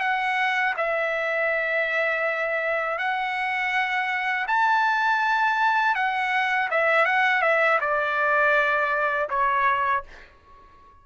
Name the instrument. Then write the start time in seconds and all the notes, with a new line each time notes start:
trumpet
0.00 F#5
0.77 E5
2.98 F#5
4.47 A5
5.95 F#5
6.71 E5
7.05 F#5
7.42 E5
7.80 D5
9.29 C#5